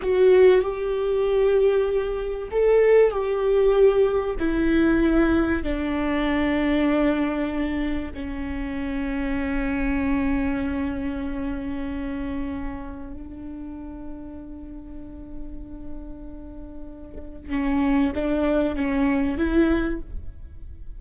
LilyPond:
\new Staff \with { instrumentName = "viola" } { \time 4/4 \tempo 4 = 96 fis'4 g'2. | a'4 g'2 e'4~ | e'4 d'2.~ | d'4 cis'2.~ |
cis'1~ | cis'4 d'2.~ | d'1 | cis'4 d'4 cis'4 e'4 | }